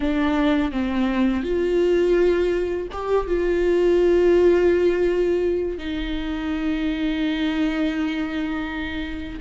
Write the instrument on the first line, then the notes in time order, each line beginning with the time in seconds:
viola
0.00 D4
0.71 C4
1.43 F4
2.91 G4
3.27 F4
5.78 D#4